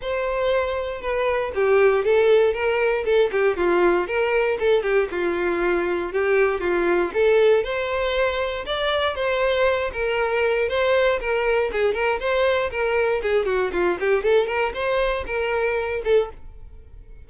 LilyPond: \new Staff \with { instrumentName = "violin" } { \time 4/4 \tempo 4 = 118 c''2 b'4 g'4 | a'4 ais'4 a'8 g'8 f'4 | ais'4 a'8 g'8 f'2 | g'4 f'4 a'4 c''4~ |
c''4 d''4 c''4. ais'8~ | ais'4 c''4 ais'4 gis'8 ais'8 | c''4 ais'4 gis'8 fis'8 f'8 g'8 | a'8 ais'8 c''4 ais'4. a'8 | }